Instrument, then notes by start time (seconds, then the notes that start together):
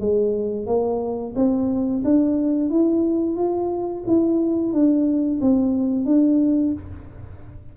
tuba
0.00 G#3
0.66 A#3
1.36 C4
2.04 D4
2.70 E4
3.36 F4
4.07 E4
4.73 D4
5.41 C4
6.05 D4